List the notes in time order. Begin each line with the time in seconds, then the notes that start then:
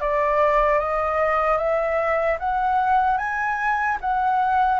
0.00 D5
0.79 D#5
1.57 E5
2.39 F#5
3.17 G#5
4.00 F#5